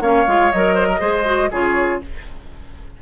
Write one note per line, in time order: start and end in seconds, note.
0.00 0.25 A#3
0.00 0.26 C#4
0.00 0.75 C#5
0.00 0.52 F5
0.27 0.52 G#3
0.27 0.52 F4
0.52 1.01 F#3
0.52 0.99 A#4
0.52 1.51 D#5
0.75 0.87 C5
0.88 1.00 A#4
0.99 1.50 G#3
0.99 1.24 G#4
0.99 1.49 C5
1.25 1.49 F#4
1.51 2.01 C#3
1.51 2.01 F4
1.51 2.01 G#4
1.51 2.02 C#5